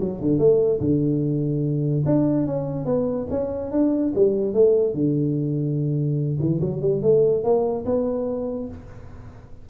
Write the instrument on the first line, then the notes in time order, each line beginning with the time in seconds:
tuba
0.00 F#3
0.21 D3
0.39 A3
0.81 D3
2.06 D4
2.47 C#4
2.86 B3
3.30 C#4
3.72 D4
4.15 G3
4.54 A3
4.94 D3
6.40 E3
6.61 F#3
6.82 G3
7.03 A3
7.44 A#3
7.86 B3